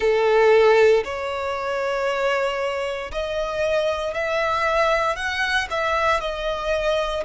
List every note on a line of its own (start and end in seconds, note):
0.00 1.03 A4
1.04 3.11 C#5
3.11 4.14 D#5
4.14 5.15 E5
5.15 5.67 F#5
5.70 6.20 E5
6.20 7.23 D#5